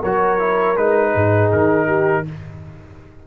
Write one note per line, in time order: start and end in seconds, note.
0.00 0.78 F#3
0.00 0.40 F#4
0.00 1.11 A#4
0.00 0.77 C#5
0.40 0.77 E4
0.77 1.15 G#3
0.77 2.26 D#4
0.77 1.51 B4
1.15 1.52 G#2
1.15 1.87 G#4
1.53 2.27 D#3
1.53 2.27 A#4
1.87 2.25 G4